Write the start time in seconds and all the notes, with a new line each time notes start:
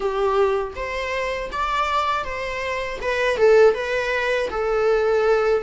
0.00 G4
0.75 C5
1.52 D5
2.24 C5
3.01 B4
3.37 A4
3.74 B4
4.50 A4